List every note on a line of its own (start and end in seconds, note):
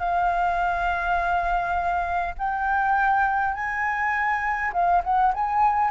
0.00 2.35 F5
2.39 3.55 G5
3.55 4.72 G#5
4.74 5.03 F5
5.04 5.34 F#5
5.34 5.91 G#5